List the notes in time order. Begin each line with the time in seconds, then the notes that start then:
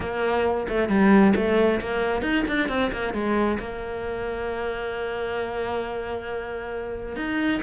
0.00 A#3
0.69 A3
0.88 G3
1.35 A3
1.80 A#3
2.22 D#4
2.47 D4
2.68 C4
2.92 A#3
3.13 G#3
3.59 A#3
7.16 D#4